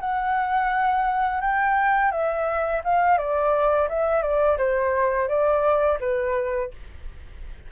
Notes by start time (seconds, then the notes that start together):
0.00 F#5
1.41 G5
2.11 E5
2.84 F5
3.17 D5
3.89 E5
4.22 D5
4.58 C5
5.28 D5
6.00 B4